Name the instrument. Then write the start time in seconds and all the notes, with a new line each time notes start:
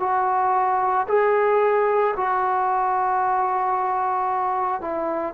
trombone
0.00 F#4
1.08 G#4
2.17 F#4
4.81 E4